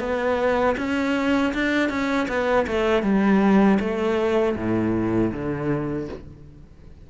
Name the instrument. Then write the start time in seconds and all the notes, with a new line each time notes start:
cello
0.00 B3
0.78 C#4
1.54 D4
1.90 C#4
2.28 B3
2.67 A3
3.03 G3
3.80 A3
4.56 A2
5.33 D3